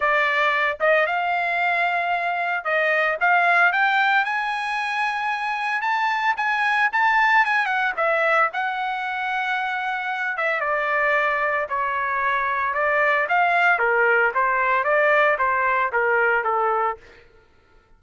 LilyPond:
\new Staff \with { instrumentName = "trumpet" } { \time 4/4 \tempo 4 = 113 d''4. dis''8 f''2~ | f''4 dis''4 f''4 g''4 | gis''2. a''4 | gis''4 a''4 gis''8 fis''8 e''4 |
fis''2.~ fis''8 e''8 | d''2 cis''2 | d''4 f''4 ais'4 c''4 | d''4 c''4 ais'4 a'4 | }